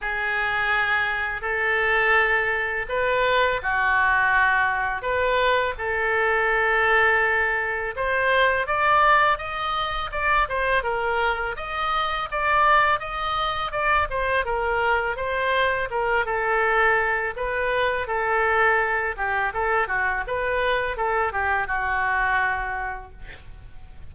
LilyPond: \new Staff \with { instrumentName = "oboe" } { \time 4/4 \tempo 4 = 83 gis'2 a'2 | b'4 fis'2 b'4 | a'2. c''4 | d''4 dis''4 d''8 c''8 ais'4 |
dis''4 d''4 dis''4 d''8 c''8 | ais'4 c''4 ais'8 a'4. | b'4 a'4. g'8 a'8 fis'8 | b'4 a'8 g'8 fis'2 | }